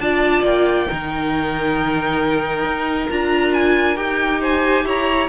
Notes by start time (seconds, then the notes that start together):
0.00 D4 F4 D5 A5
0.43 A#3 G5
0.88 D#3 D#4 A#4
2.65 D#4
3.11 D4 F4 A#5
3.54 G#5
3.96 D#4 G4 G5
4.41 C5 G#5
4.85 E4 C#5 A#5